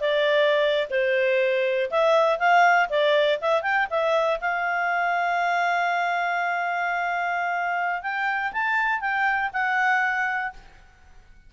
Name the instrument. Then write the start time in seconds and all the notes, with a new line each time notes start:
clarinet
0.00 D5
0.90 C5
1.90 E5
2.39 F5
2.89 D5
3.41 E5
3.62 G5
3.90 E5
4.40 F5
8.02 G5
8.53 A5
9.00 G5
9.53 F#5